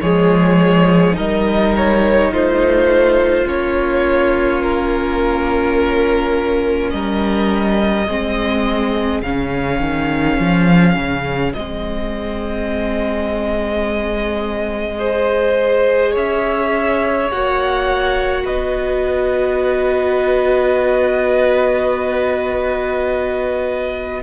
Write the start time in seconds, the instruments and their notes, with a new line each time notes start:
0.00 cello F3, viola G#3, violin G#4 C#5
1.12 cello G3, viola D#4, violin A#4 D#5
1.76 violin C#5
2.31 cello A3, violin F4 C5
3.45 cello A#3, viola C#4, violin C#5
4.62 violin A#4
6.90 cello G3, violin A#4 D#5
8.07 cello G#3, viola C4, violin G#4
9.22 cello C#3, viola C#4, violin F5
9.80 cello D#3
10.39 cello F3
10.95 cello C#3
11.53 cello G#3, viola C4, violin D#5
14.99 viola G#4, violin C5
16.12 cello C#4, violin C#5 E5
17.31 cello A#3, viola F#4, violin F#5
18.44 cello B3, violin B4 D#5